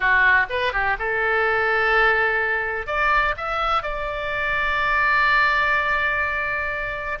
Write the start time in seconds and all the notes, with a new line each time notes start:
0.00 F#4
0.49 B4
0.72 G4
0.98 A4
2.86 D5
3.37 E5
3.82 D5